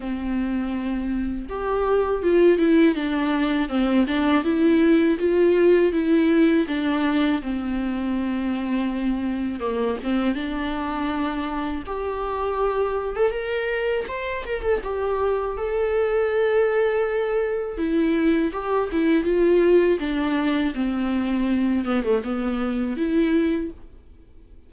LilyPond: \new Staff \with { instrumentName = "viola" } { \time 4/4 \tempo 4 = 81 c'2 g'4 f'8 e'8 | d'4 c'8 d'8 e'4 f'4 | e'4 d'4 c'2~ | c'4 ais8 c'8 d'2 |
g'4.~ g'16 a'16 ais'4 c''8 ais'16 a'16 | g'4 a'2. | e'4 g'8 e'8 f'4 d'4 | c'4. b16 a16 b4 e'4 | }